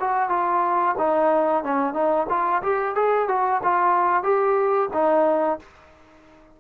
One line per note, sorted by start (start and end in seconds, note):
0.00 0.29 F#4
0.29 0.95 F4
0.98 1.64 D#4
1.64 1.94 C#4
1.94 2.27 D#4
2.29 2.62 F4
2.62 2.95 G4
2.95 3.28 G#4
3.28 3.61 F#4
3.64 4.23 F4
4.23 4.89 G4
4.93 5.59 D#4